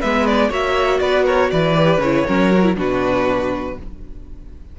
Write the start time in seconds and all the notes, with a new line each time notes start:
0.00 G#3 B3 B4 E5
0.26 D5
0.49 A#3 F#4 C#5 E5
1.00 B3 B4 D5
1.25 A#4 C#5
1.51 E3 B4 D5
1.75 G4
1.98 C#3 E4 C#5
2.26 F#3 C#4 A#4
2.52 F#4
2.64 E4
2.75 B2 D4 F#4 B4